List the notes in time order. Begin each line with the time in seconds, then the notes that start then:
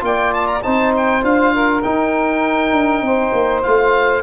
0.00 A#3 F4 D5 G5
0.33 A5
0.47 A#5
0.62 C4 D#4 C5 A5
0.97 G5
1.22 D4 F4 F5
1.53 A#4
1.82 D#4 G5
2.72 D4
3.01 C4 C5
3.32 A#3
3.63 A3 F4 F5